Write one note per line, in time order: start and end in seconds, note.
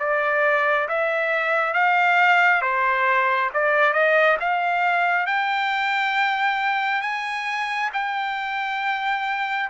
0.00 0.88 D5
0.89 1.74 E5
1.74 2.62 F5
2.62 3.51 C5
3.54 3.93 D5
3.93 4.38 D#5
4.40 5.27 F5
5.27 7.02 G5
7.02 7.91 G#5
7.94 9.70 G5